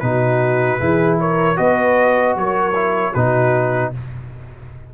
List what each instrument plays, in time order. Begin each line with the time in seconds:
0.00 tuba B2, trombone D#4, horn F#4, trumpet B4
0.80 tuba E3, trombone E4, horn G#4
1.20 horn A#4, trumpet C#5
1.56 tuba B3, trombone F#4, horn B4, trumpet D#5
2.36 tuba F#3, horn A#4, trumpet C#5
2.75 trombone E4
3.13 tuba B2, trombone D#4, horn F#4, trumpet B4